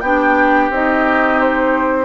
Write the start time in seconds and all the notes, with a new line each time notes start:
0.00 B3 D4 G4 G5
0.69 C4 D#4 D#5
1.40 C5